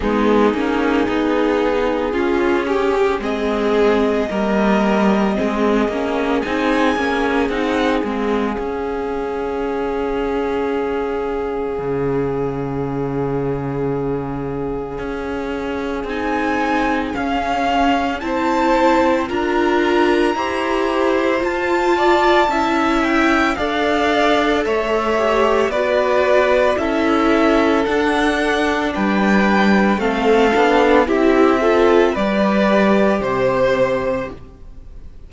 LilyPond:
<<
  \new Staff \with { instrumentName = "violin" } { \time 4/4 \tempo 4 = 56 gis'2. dis''4~ | dis''2 gis''4 fis''8 f''8~ | f''1~ | f''2. gis''4 |
f''4 a''4 ais''2 | a''4. g''8 f''4 e''4 | d''4 e''4 fis''4 g''4 | f''4 e''4 d''4 c''4 | }
  \new Staff \with { instrumentName = "violin" } { \time 4/4 dis'2 f'8 g'8 gis'4 | ais'4 gis'2.~ | gis'1~ | gis'1~ |
gis'4 c''4 ais'4 c''4~ | c''8 d''8 e''4 d''4 cis''4 | b'4 a'2 b'4 | a'4 g'8 a'8 b'4 c''4 | }
  \new Staff \with { instrumentName = "viola" } { \time 4/4 b8 cis'8 dis'4 cis'4 c'4 | ais4 c'8 cis'8 dis'8 cis'8 dis'8 c'8 | cis'1~ | cis'2. dis'4 |
cis'4 e'4 f'4 g'4 | f'4 e'4 a'4. g'8 | fis'4 e'4 d'2 | c'8 d'8 e'8 f'8 g'2 | }
  \new Staff \with { instrumentName = "cello" } { \time 4/4 gis8 ais8 b4 cis'4 gis4 | g4 gis8 ais8 c'8 ais8 c'8 gis8 | cis'2. cis4~ | cis2 cis'4 c'4 |
cis'4 c'4 d'4 e'4 | f'4 cis'4 d'4 a4 | b4 cis'4 d'4 g4 | a8 b8 c'4 g4 c4 | }
>>